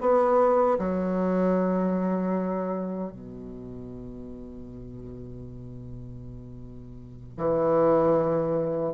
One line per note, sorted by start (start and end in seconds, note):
0.00 0.78 B3
0.78 3.11 F#3
3.11 7.37 B2
7.37 8.93 E3